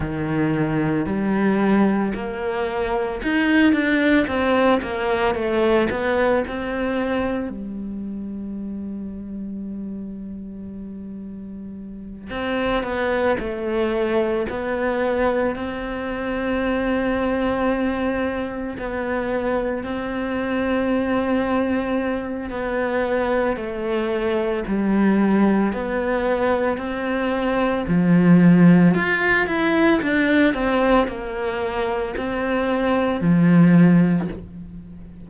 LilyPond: \new Staff \with { instrumentName = "cello" } { \time 4/4 \tempo 4 = 56 dis4 g4 ais4 dis'8 d'8 | c'8 ais8 a8 b8 c'4 g4~ | g2.~ g8 c'8 | b8 a4 b4 c'4.~ |
c'4. b4 c'4.~ | c'4 b4 a4 g4 | b4 c'4 f4 f'8 e'8 | d'8 c'8 ais4 c'4 f4 | }